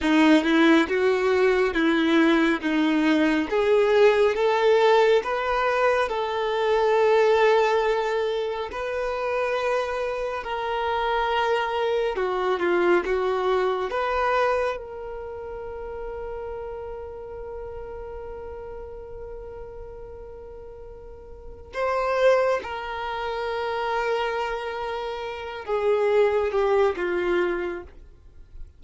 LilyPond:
\new Staff \with { instrumentName = "violin" } { \time 4/4 \tempo 4 = 69 dis'8 e'8 fis'4 e'4 dis'4 | gis'4 a'4 b'4 a'4~ | a'2 b'2 | ais'2 fis'8 f'8 fis'4 |
b'4 ais'2.~ | ais'1~ | ais'4 c''4 ais'2~ | ais'4. gis'4 g'8 f'4 | }